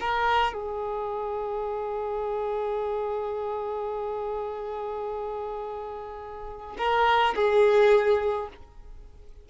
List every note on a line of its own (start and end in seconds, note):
0.00 0.54 A#4
0.54 6.76 G#4
6.78 7.35 A#4
7.36 8.49 G#4